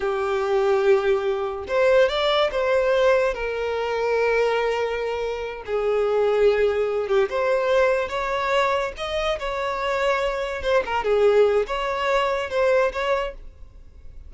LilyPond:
\new Staff \with { instrumentName = "violin" } { \time 4/4 \tempo 4 = 144 g'1 | c''4 d''4 c''2 | ais'1~ | ais'4. gis'2~ gis'8~ |
gis'4 g'8 c''2 cis''8~ | cis''4. dis''4 cis''4.~ | cis''4. c''8 ais'8 gis'4. | cis''2 c''4 cis''4 | }